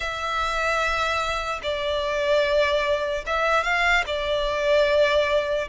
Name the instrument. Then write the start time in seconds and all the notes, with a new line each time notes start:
violin
0.00 E5
1.62 D5
3.26 E5
3.63 F5
4.06 D5